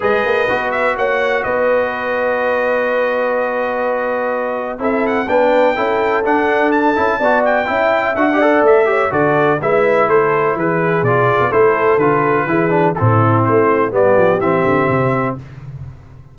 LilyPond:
<<
  \new Staff \with { instrumentName = "trumpet" } { \time 4/4 \tempo 4 = 125 dis''4. e''8 fis''4 dis''4~ | dis''1~ | dis''2 e''8 fis''8 g''4~ | g''4 fis''4 a''4. g''8~ |
g''4 fis''4 e''4 d''4 | e''4 c''4 b'4 d''4 | c''4 b'2 a'4 | c''4 d''4 e''2 | }
  \new Staff \with { instrumentName = "horn" } { \time 4/4 b'2 cis''4 b'4~ | b'1~ | b'2 a'4 b'4 | a'2. d''4 |
e''4. d''4 cis''8 a'4 | b'4 a'4 gis'2 | a'2 gis'4 e'4~ | e'4 g'2. | }
  \new Staff \with { instrumentName = "trombone" } { \time 4/4 gis'4 fis'2.~ | fis'1~ | fis'2 e'4 d'4 | e'4 d'4. e'8 fis'4 |
e'4 fis'16 g'16 a'4 g'8 fis'4 | e'2. f'4 | e'4 f'4 e'8 d'8 c'4~ | c'4 b4 c'2 | }
  \new Staff \with { instrumentName = "tuba" } { \time 4/4 gis8 ais8 b4 ais4 b4~ | b1~ | b2 c'4 b4 | cis'4 d'4. cis'8 b4 |
cis'4 d'4 a4 d4 | gis4 a4 e4 b,8. b16 | a4 d4 e4 a,4 | a4 g8 f8 e8 d8 c4 | }
>>